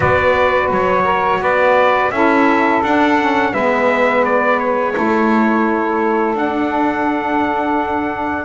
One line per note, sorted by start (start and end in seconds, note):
0.00 0.70 B3
0.00 2.11 F#4
0.00 1.03 B4
0.00 0.71 D5
0.70 1.39 F#3
0.70 1.42 C#5
1.03 1.39 A#4
1.39 2.10 B3
1.39 2.12 B4
1.39 2.11 D5
2.11 2.81 C#4
2.11 2.83 E4
2.11 3.52 A4
2.11 2.81 E5
2.82 3.52 D4
2.82 3.19 D4
2.82 3.53 F#5
3.19 3.54 C#4
3.52 4.94 G#3
3.52 4.93 B3
3.52 4.93 B4
3.52 4.24 E5
4.24 4.59 D5
4.59 6.35 C#5
4.93 6.35 A3
4.93 6.34 E4
4.93 8.45 A4
6.35 8.45 D4
6.35 8.45 F#5